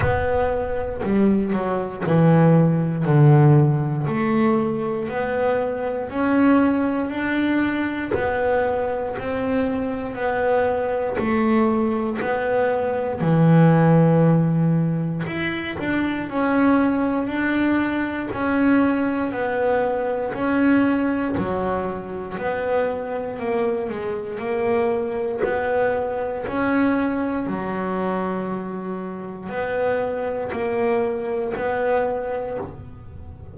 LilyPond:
\new Staff \with { instrumentName = "double bass" } { \time 4/4 \tempo 4 = 59 b4 g8 fis8 e4 d4 | a4 b4 cis'4 d'4 | b4 c'4 b4 a4 | b4 e2 e'8 d'8 |
cis'4 d'4 cis'4 b4 | cis'4 fis4 b4 ais8 gis8 | ais4 b4 cis'4 fis4~ | fis4 b4 ais4 b4 | }